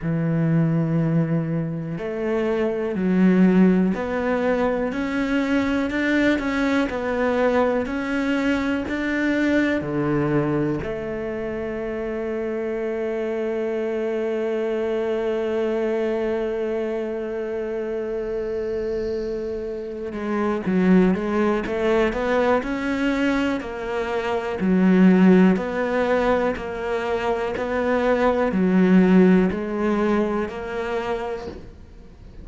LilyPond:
\new Staff \with { instrumentName = "cello" } { \time 4/4 \tempo 4 = 61 e2 a4 fis4 | b4 cis'4 d'8 cis'8 b4 | cis'4 d'4 d4 a4~ | a1~ |
a1~ | a8 gis8 fis8 gis8 a8 b8 cis'4 | ais4 fis4 b4 ais4 | b4 fis4 gis4 ais4 | }